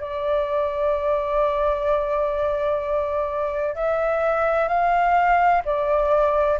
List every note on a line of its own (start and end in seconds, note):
0.00 3.75 D5
3.75 4.68 E5
4.68 5.62 F5
5.65 6.59 D5